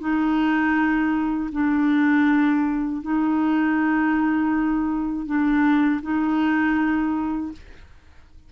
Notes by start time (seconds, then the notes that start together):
0.00 D#4
1.52 D4
3.02 D#4
5.26 D4
6.02 D#4